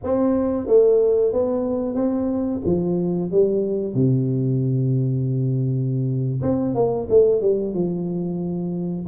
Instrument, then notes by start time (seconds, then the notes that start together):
tuba
0.03 C4
0.67 A3
1.32 B3
1.95 C4
2.65 F3
3.31 G3
3.94 C3
6.42 C4
6.74 A#3
7.09 A3
7.41 G3
7.74 F3